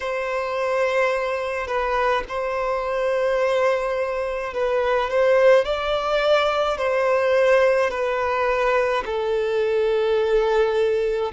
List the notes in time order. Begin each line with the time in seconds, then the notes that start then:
0.00 C5
1.67 B4
2.28 C5
4.53 B4
5.09 C5
5.64 D5
6.77 C5
7.90 B4
9.05 A4